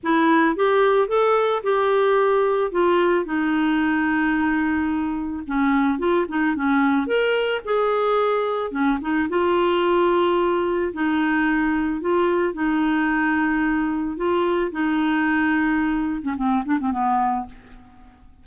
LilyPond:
\new Staff \with { instrumentName = "clarinet" } { \time 4/4 \tempo 4 = 110 e'4 g'4 a'4 g'4~ | g'4 f'4 dis'2~ | dis'2 cis'4 f'8 dis'8 | cis'4 ais'4 gis'2 |
cis'8 dis'8 f'2. | dis'2 f'4 dis'4~ | dis'2 f'4 dis'4~ | dis'4.~ dis'16 cis'16 c'8 d'16 c'16 b4 | }